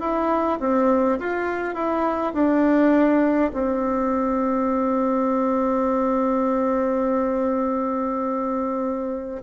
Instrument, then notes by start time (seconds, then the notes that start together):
bassoon
0.00 E4
0.60 C4
1.19 F4
1.74 E4
2.34 D4
3.53 C4